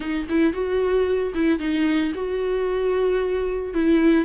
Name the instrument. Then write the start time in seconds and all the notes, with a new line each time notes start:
viola
0.00 D#4
0.29 E4
0.53 F#4
1.34 E4
1.59 D#4
2.14 F#4
3.74 E4